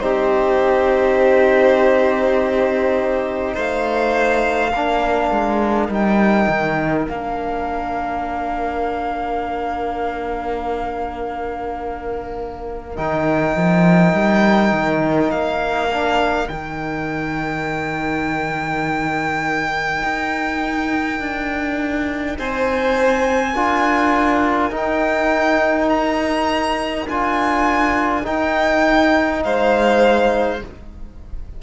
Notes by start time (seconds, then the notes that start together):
0.00 C4 D#4 G4 C5
3.54 A3 C5 F5
4.73 A#3 D4 A#4
5.31 G#3
5.88 G3 D#4 G5
6.49 D#3
7.08 A#3 D4 F5
12.96 D#3 D#4 G5
13.56 F3
14.13 G3
14.72 D#3
15.31 A#3 F5
15.91 D4
16.47 D#3 D#4 G5
20.03 D#4
21.20 D4
22.38 C4 C5 G#5
23.54 D4 F4 A#4
24.71 D#4 G5
25.89 A#5
27.08 D4 F4 G#5
28.24 D#4 G5
29.44 G#3 C5 F5